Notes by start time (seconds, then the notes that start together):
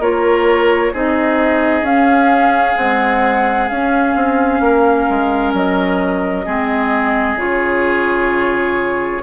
0.00 A#3 F4 A#4 C#5
0.93 C4 D#4 G#4 D#5
1.82 C#4 F5
2.77 G#3 C4 F#5
3.69 C#4 F5
4.16 C4
4.61 A#3 A#4
5.10 G#3
5.54 F#3 D#5
6.46 G#3 C4 G#4
7.36 C#3 F4 C#5